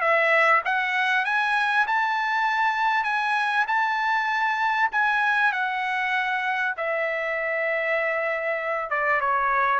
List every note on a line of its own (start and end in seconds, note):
0.00 0.61 E5
0.65 1.25 F#5
1.25 1.86 G#5
1.86 3.04 A5
3.04 3.65 G#5
3.67 4.90 A5
4.91 5.52 G#5
5.52 6.74 F#5
6.77 8.90 E5
8.90 9.20 D5
9.20 9.79 C#5